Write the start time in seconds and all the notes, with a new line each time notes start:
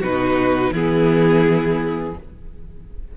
0.00 B2 D#4 F#4 B4
0.72 E3 B3 E4 G#4